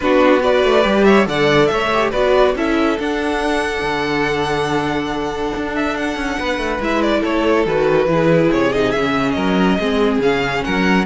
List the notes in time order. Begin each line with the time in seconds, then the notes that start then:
0.00 B3 D4 F#4 B4
0.40 F#4 B4 D5
0.64 A3
0.82 G3 G4
1.04 C#5 E5
1.25 D3 A4 D5 F#5
1.66 A3 E5
1.72 C#5
1.93 G4
2.10 B3 F#4 B4 D5
2.55 C#4 E4 A4 E5
2.99 D4 F#5
3.81 D3
5.56 D4
5.75 E5
5.96 F#5
6.16 C#4
6.39 B3 B4
6.57 A3
6.80 G#3 E4 E5
7.02 D5
7.20 A3 A4 C#5
7.66 D#3 F#4 B4
8.05 E3 E4 G#4
8.52 C3 C#5
8.72 D#4 D#5
8.91 C#3 C#4 E5
9.31 F#3 A#4 D#5
9.79 G#3 C4 G#4
10.18 C#3 C#4 F5
10.63 F#3 A#4 F#5